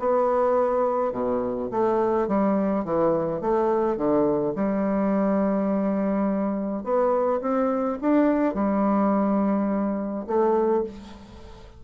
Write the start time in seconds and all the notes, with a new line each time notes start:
0.00 B3
1.12 B2
1.71 A3
2.28 G3
2.85 E3
3.42 A3
3.97 D3
4.56 G3
6.84 B3
7.42 C4
8.02 D4
8.55 G3
10.27 A3